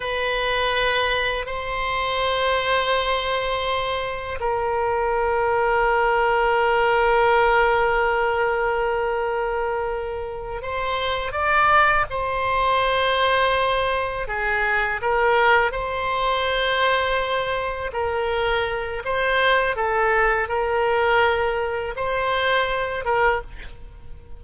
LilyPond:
\new Staff \with { instrumentName = "oboe" } { \time 4/4 \tempo 4 = 82 b'2 c''2~ | c''2 ais'2~ | ais'1~ | ais'2~ ais'8 c''4 d''8~ |
d''8 c''2. gis'8~ | gis'8 ais'4 c''2~ c''8~ | c''8 ais'4. c''4 a'4 | ais'2 c''4. ais'8 | }